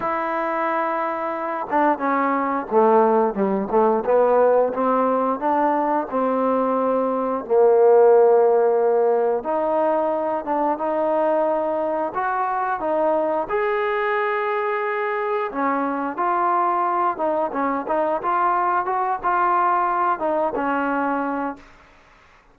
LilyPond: \new Staff \with { instrumentName = "trombone" } { \time 4/4 \tempo 4 = 89 e'2~ e'8 d'8 cis'4 | a4 g8 a8 b4 c'4 | d'4 c'2 ais4~ | ais2 dis'4. d'8 |
dis'2 fis'4 dis'4 | gis'2. cis'4 | f'4. dis'8 cis'8 dis'8 f'4 | fis'8 f'4. dis'8 cis'4. | }